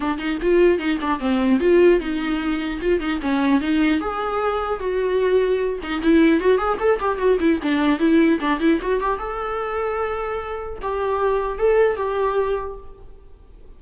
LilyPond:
\new Staff \with { instrumentName = "viola" } { \time 4/4 \tempo 4 = 150 d'8 dis'8 f'4 dis'8 d'8 c'4 | f'4 dis'2 f'8 dis'8 | cis'4 dis'4 gis'2 | fis'2~ fis'8 dis'8 e'4 |
fis'8 gis'8 a'8 g'8 fis'8 e'8 d'4 | e'4 d'8 e'8 fis'8 g'8 a'4~ | a'2. g'4~ | g'4 a'4 g'2 | }